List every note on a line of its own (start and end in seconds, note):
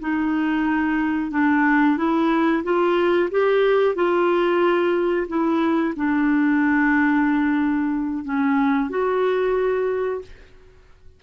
0.00 1.31 D#4
1.31 1.97 D4
1.97 2.63 E4
2.64 3.30 F4
3.31 3.95 G4
3.95 5.27 F4
5.28 5.94 E4
5.96 8.24 D4
8.24 8.90 C#4
8.90 10.22 F#4